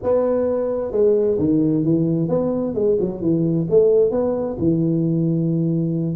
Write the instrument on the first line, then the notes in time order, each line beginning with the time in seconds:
tuba
0.02 B3
0.91 G#3
1.38 D#3
1.84 E3
2.29 B3
2.74 G#3
3.00 F#3
3.21 E3
3.70 A3
4.11 B3
4.58 E3